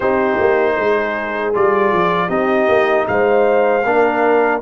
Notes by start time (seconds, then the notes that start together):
0.00 C4 D#4 G4 C5
0.39 A#3
0.78 G#3 G#4
1.53 G3 F4 D5
1.92 F3
2.28 C4 D#4 G4 D#5
2.68 A#3
3.07 G#3 C5 F5
3.84 A#3 D4 A#4